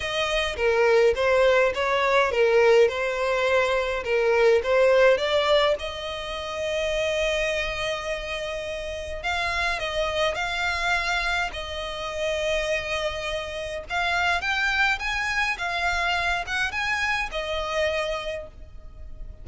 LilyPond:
\new Staff \with { instrumentName = "violin" } { \time 4/4 \tempo 4 = 104 dis''4 ais'4 c''4 cis''4 | ais'4 c''2 ais'4 | c''4 d''4 dis''2~ | dis''1 |
f''4 dis''4 f''2 | dis''1 | f''4 g''4 gis''4 f''4~ | f''8 fis''8 gis''4 dis''2 | }